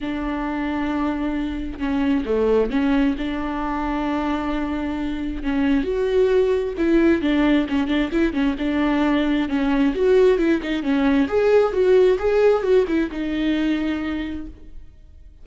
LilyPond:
\new Staff \with { instrumentName = "viola" } { \time 4/4 \tempo 4 = 133 d'1 | cis'4 a4 cis'4 d'4~ | d'1 | cis'4 fis'2 e'4 |
d'4 cis'8 d'8 e'8 cis'8 d'4~ | d'4 cis'4 fis'4 e'8 dis'8 | cis'4 gis'4 fis'4 gis'4 | fis'8 e'8 dis'2. | }